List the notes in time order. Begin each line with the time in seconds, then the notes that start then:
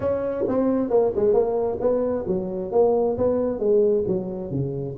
0.00 C#4
0.48 C4
0.89 A#3
1.15 G#3
1.33 A#3
1.80 B3
2.27 F#3
2.71 A#3
3.17 B3
3.59 G#3
4.07 F#3
4.51 C#3